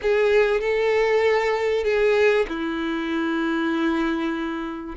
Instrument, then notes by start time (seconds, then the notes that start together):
violin
0.02 G#4
0.60 A4
1.84 G#4
2.48 E4